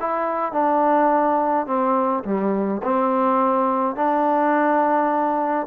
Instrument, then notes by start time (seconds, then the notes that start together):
trombone
0.00 E4
0.52 D4
1.66 C4
2.25 G3
2.83 C4
3.96 D4